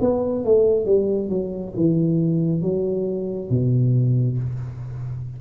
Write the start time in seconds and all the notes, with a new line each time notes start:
0.00 B3
0.45 A3
0.85 G3
1.29 F#3
1.76 E3
2.61 F#3
3.50 B2